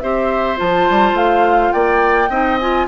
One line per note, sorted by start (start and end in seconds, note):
0.00 0.59 C4
0.00 0.57 G4
0.00 1.74 C5
0.00 0.57 E5
0.57 0.89 F3
0.57 2.28 F4
0.57 1.17 A5
0.90 1.13 G3
1.13 1.70 A3
1.13 1.72 F5
1.72 2.29 A#3
1.72 2.30 D5
1.72 2.58 G5
2.29 2.86 C4
2.29 2.60 D#4
2.29 2.87 D#5
2.59 2.88 F4
2.59 2.87 G#5